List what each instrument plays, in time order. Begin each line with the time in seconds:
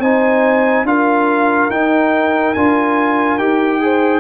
0.00 tuba C4, trombone D#4, horn C5, trumpet G#5
0.84 tuba D4, trombone F4, horn A#4, trumpet F5
1.70 tuba D#4, trombone D#4, trumpet G5
2.55 tuba D4, trombone F4, trumpet G#5
3.39 tuba D#4, trombone G4, trumpet G5
3.81 trombone G#4, horn C5